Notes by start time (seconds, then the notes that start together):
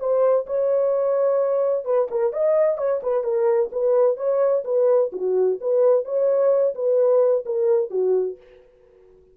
0.00 C5
0.47 C#5
1.85 B4
2.11 A#4
2.33 D#5
2.78 C#5
3.03 B4
3.24 A#4
3.73 B4
4.17 C#5
4.65 B4
5.13 F#4
5.61 B4
6.05 C#5
6.75 B4
7.46 A#4
7.91 F#4